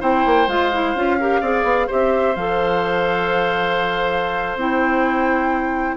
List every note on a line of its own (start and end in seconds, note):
0.00 0.25 C4
0.00 0.47 E4
0.00 1.17 C5
0.00 0.48 G5
0.25 0.47 A#3
0.47 0.94 G#3
0.47 0.72 F4
0.47 1.89 F5
0.72 0.96 E4
0.94 1.41 C#4
0.94 1.19 F4
1.20 1.43 G4
1.20 1.40 A#4
1.40 1.63 C4
1.40 1.88 G#4
1.40 1.87 D5
1.63 1.87 B3
1.87 2.36 C4
1.87 2.35 G4
1.87 5.97 C5
1.87 2.35 E5
2.35 4.55 F3
2.35 4.59 A4
2.35 4.58 F5
4.55 5.96 C4
4.55 5.97 E4
4.55 5.97 G5